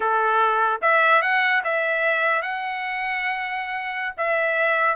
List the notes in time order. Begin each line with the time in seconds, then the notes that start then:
0.00 A4
0.81 E5
1.22 F#5
1.64 E5
2.42 F#5
4.17 E5